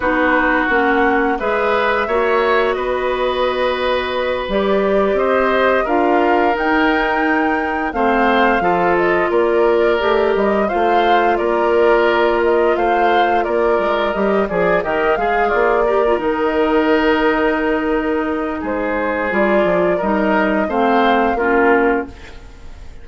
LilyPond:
<<
  \new Staff \with { instrumentName = "flute" } { \time 4/4 \tempo 4 = 87 b'4 fis''4 e''2 | dis''2~ dis''8 d''4 dis''8~ | dis''8 f''4 g''2 f''8~ | f''4 dis''8 d''4. dis''8 f''8~ |
f''8 d''4. dis''8 f''4 d''8~ | d''8 dis''8 d''8 dis''8 f''8 d''4 dis''8~ | dis''2. c''4 | d''4 dis''4 f''4 ais'4 | }
  \new Staff \with { instrumentName = "oboe" } { \time 4/4 fis'2 b'4 cis''4 | b'2.~ b'8 c''8~ | c''8 ais'2. c''8~ | c''8 a'4 ais'2 c''8~ |
c''8 ais'2 c''4 ais'8~ | ais'4 gis'8 g'8 gis'8 f'8 ais'4~ | ais'2. gis'4~ | gis'4 ais'4 c''4 f'4 | }
  \new Staff \with { instrumentName = "clarinet" } { \time 4/4 dis'4 cis'4 gis'4 fis'4~ | fis'2~ fis'8 g'4.~ | g'8 f'4 dis'2 c'8~ | c'8 f'2 g'4 f'8~ |
f'1~ | f'8 g'8 gis'8 ais'8 gis'4 g'16 f'16 dis'8~ | dis'1 | f'4 dis'4 c'4 cis'4 | }
  \new Staff \with { instrumentName = "bassoon" } { \time 4/4 b4 ais4 gis4 ais4 | b2~ b8 g4 c'8~ | c'8 d'4 dis'2 a8~ | a8 f4 ais4 a8 g8 a8~ |
a8 ais2 a4 ais8 | gis8 g8 f8 dis8 gis8 ais4 dis8~ | dis2. gis4 | g8 f8 g4 a4 ais4 | }
>>